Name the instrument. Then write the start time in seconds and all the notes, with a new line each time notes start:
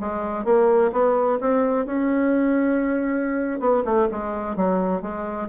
bassoon
0.00 G#3
0.45 A#3
0.92 B3
1.40 C4
1.86 C#4
3.60 B3
3.85 A3
4.11 G#3
4.56 F#3
5.02 G#3